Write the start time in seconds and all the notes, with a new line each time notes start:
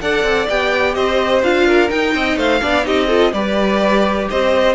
0.00 D4 A4 D5 F#5
0.23 C4
0.48 B3 G4 G5
0.94 C4 C5 D#5
1.42 D4 F4 F5
1.67 A#4
1.88 D#4 G5
2.14 C4 D#5
2.37 A3 C5 F5
2.61 B3 D4 D5
2.83 C4 D#4 G4 D#5
3.07 F4 A4
3.32 G3 G4 B4 D5
4.30 C4 C5 D#5